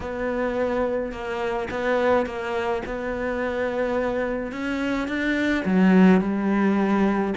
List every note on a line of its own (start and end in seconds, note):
0.00 1.12 B3
1.12 1.68 A#3
1.70 2.26 B3
2.26 2.82 A#3
2.85 4.52 B3
4.52 5.07 C#4
5.07 5.64 D4
5.64 6.21 F#3
6.21 7.34 G3